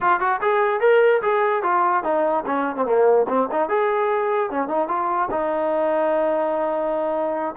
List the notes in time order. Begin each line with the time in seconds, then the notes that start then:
0.00 F4
0.19 F#4
0.41 G#4
0.80 A#4
1.22 G#4
1.62 F4
2.03 D#4
2.46 C#4
2.76 C4
2.85 A#3
3.28 C4
3.51 D#4
3.68 G#4
4.50 C#4
4.67 D#4
4.88 F4
5.30 D#4